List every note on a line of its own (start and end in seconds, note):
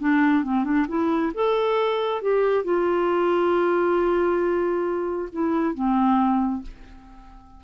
0.00 0.44 D4
0.44 0.64 C4
0.64 0.86 D4
0.88 1.32 E4
1.35 2.22 A4
2.22 2.65 G4
2.65 5.29 F4
5.33 5.74 E4
5.74 6.63 C4